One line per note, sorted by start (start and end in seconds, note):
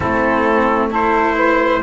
0.00 1.82 A3
0.00 0.90 C4
0.00 0.88 E4
0.00 0.90 A4
0.90 1.81 E4
0.90 1.35 A4
0.90 1.82 C5
1.35 1.80 B4